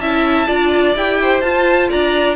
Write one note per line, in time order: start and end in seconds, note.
0.00 0.48 C#4
0.00 0.48 E4
0.00 0.48 E5
0.00 0.94 A5
0.48 0.95 D4
0.48 0.95 F4
0.48 1.19 D5
0.95 1.43 E4
0.95 1.43 G4
0.95 1.42 G5
1.22 1.90 C5
1.42 1.90 F4
1.42 2.36 F4
1.42 1.89 A5
1.90 2.36 D4
1.90 2.36 D5
1.90 2.36 A#5